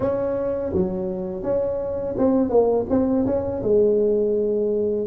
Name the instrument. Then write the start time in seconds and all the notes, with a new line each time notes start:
tuba
0.00 C#4
0.73 F#3
1.43 C#4
2.17 C4
2.49 A#3
2.89 C4
3.26 C#4
3.62 G#3